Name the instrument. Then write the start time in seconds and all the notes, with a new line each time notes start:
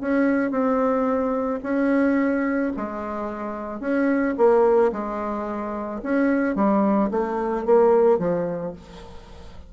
bassoon
0.00 C#4
0.50 C4
1.63 C#4
2.76 G#3
3.80 C#4
4.37 A#3
4.92 G#3
6.02 C#4
6.55 G3
7.10 A3
7.65 A#3
8.18 F3